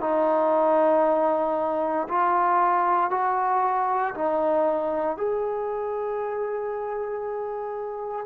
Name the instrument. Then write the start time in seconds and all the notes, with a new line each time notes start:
trombone
0.00 D#4
2.08 F4
3.10 F#4
4.14 D#4
5.16 G#4